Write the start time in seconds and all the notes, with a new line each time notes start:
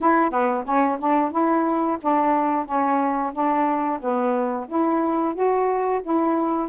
0.00 E4
0.30 B3
0.65 C#4
0.99 D4
1.31 E4
2.01 D4
2.65 C#4
3.33 D4
4.00 B3
4.68 E4
5.34 F#4
6.02 E4